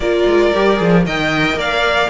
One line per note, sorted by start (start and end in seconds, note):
0.00 0.23 A#3
0.00 0.54 F4
0.00 1.05 A#4
0.00 1.05 D5
0.26 0.52 G#3
0.54 0.80 G3
0.54 0.76 G4
0.76 1.05 F3
0.76 1.02 G#4
1.05 1.54 D#3
1.05 2.09 A#4
1.05 1.58 D#5
1.05 1.58 G5
1.54 2.07 A#3
1.54 2.09 D5
1.60 2.09 F5